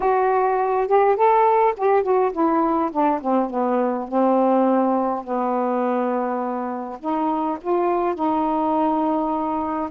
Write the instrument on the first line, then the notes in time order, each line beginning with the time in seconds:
saxophone
0.00 F#4
0.87 G4
1.15 A4
1.76 G4
2.02 F#4
2.32 E4
2.91 D4
3.21 C4
3.50 B3
4.08 C4
5.24 B3
6.99 D#4
7.61 F4
8.14 D#4